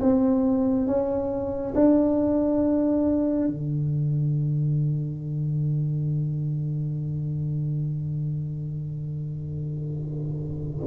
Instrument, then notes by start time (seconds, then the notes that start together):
tuba
0.00 C4
0.87 C#4
1.74 D4
3.47 D3